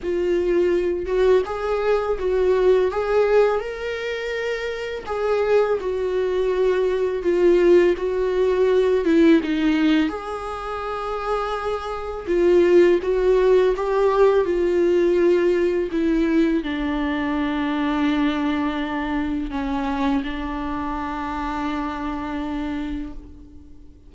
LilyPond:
\new Staff \with { instrumentName = "viola" } { \time 4/4 \tempo 4 = 83 f'4. fis'8 gis'4 fis'4 | gis'4 ais'2 gis'4 | fis'2 f'4 fis'4~ | fis'8 e'8 dis'4 gis'2~ |
gis'4 f'4 fis'4 g'4 | f'2 e'4 d'4~ | d'2. cis'4 | d'1 | }